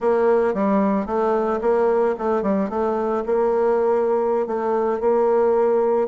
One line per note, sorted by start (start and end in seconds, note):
0.00 0.54 A#3
0.54 1.05 G3
1.05 1.59 A3
1.61 2.15 A#3
2.18 2.42 A3
2.42 2.69 G3
2.69 3.23 A3
3.26 4.46 A#3
4.46 5.00 A3
5.00 6.07 A#3